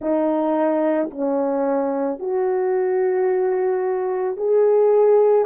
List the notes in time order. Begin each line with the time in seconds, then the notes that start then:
0.00 D#4
1.10 C#4
2.19 F#4
4.36 G#4